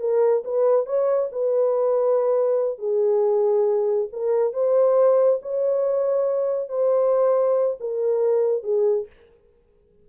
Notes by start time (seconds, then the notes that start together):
0.00 A#4
0.44 B4
0.86 C#5
1.32 B4
2.79 G#4
4.12 A#4
4.53 C5
5.42 C#5
6.69 C5
7.80 A#4
8.63 G#4